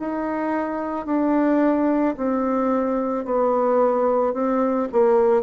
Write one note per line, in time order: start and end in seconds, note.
0.00 1.07 D#4
1.07 2.16 D4
2.18 3.25 C4
3.25 4.34 B3
4.34 4.88 C4
4.93 5.43 A#3